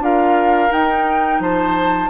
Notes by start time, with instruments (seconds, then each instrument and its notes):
0.00 bassoon D4, clarinet F4, oboe A#4, flute F5
0.70 clarinet D#4, bassoon D#4, flute G5
1.40 bassoon F3, oboe C5, flute A5